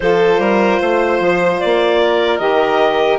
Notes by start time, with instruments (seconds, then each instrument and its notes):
0.00 bassoon F3, saxophone F4, violin A4, clarinet C5
0.38 bassoon G3, violin A#4
0.79 bassoon A3, violin C5
1.19 bassoon F3
1.60 bassoon A#3, clarinet D5
2.01 violin A#4
2.38 bassoon D#3, saxophone G4, clarinet D#5